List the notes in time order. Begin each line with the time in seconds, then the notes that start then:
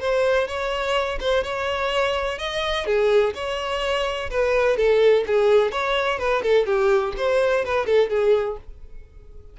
0.00 C5
0.47 C#5
1.20 C5
1.44 C#5
2.38 D#5
2.86 G#4
3.35 C#5
4.30 B4
4.77 A4
5.27 G#4
5.72 C#5
6.19 B4
6.43 A4
6.66 G4
7.17 C5
7.65 B4
7.86 A4
8.10 G#4